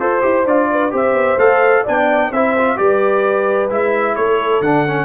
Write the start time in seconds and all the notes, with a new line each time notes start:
0.00 F4 A4 C5
0.22 E4 G4
0.46 D4 F4 D5
0.72 B4
0.91 C4 G4 C5 E5
1.14 B3
1.37 A3 A4 F5
1.84 B3 D4 D5 G5
2.31 C4 E4 C5 E5
2.58 F4
2.77 G3 G4 B4 D5
3.70 G#3 E4 E5
4.16 A3 A4 C#5
4.61 D3 D4 F#5
4.88 C#4